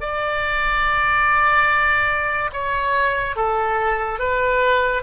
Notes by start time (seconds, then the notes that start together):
0.00 D5
2.53 C#5
3.36 A4
4.19 B4